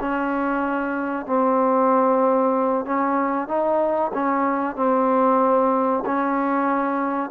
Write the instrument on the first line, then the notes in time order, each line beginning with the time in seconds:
trombone
0.00 C#4
1.26 C4
2.85 C#4
3.48 D#4
4.14 C#4
4.76 C4
6.06 C#4